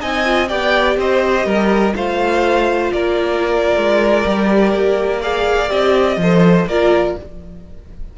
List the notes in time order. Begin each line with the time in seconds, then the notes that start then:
0.00 C4 D#4 D#5 G#5
0.25 F4
0.48 B3 G4 D5 G5
0.96 C4 C5 D#5
1.45 G3 A#4
1.95 A3 F4 C5 F5
2.92 A#3 A#4 D5
3.76 G#3
4.24 G3 G4
4.74 A#3
5.21 G#4 D5 F5
5.69 C4 G4 D#5
6.16 F3 A4 C5
6.66 A#3 F4 A#4 D5